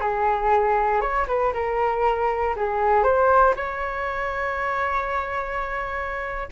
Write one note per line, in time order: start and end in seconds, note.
0.00 1.01 G#4
1.01 1.26 C#5
1.27 1.53 B4
1.53 2.55 A#4
2.56 3.03 G#4
3.03 3.54 C5
3.56 6.48 C#5